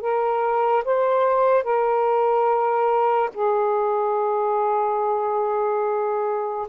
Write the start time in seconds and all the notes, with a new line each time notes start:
0.00 A#4
0.84 C5
1.63 A#4
3.33 G#4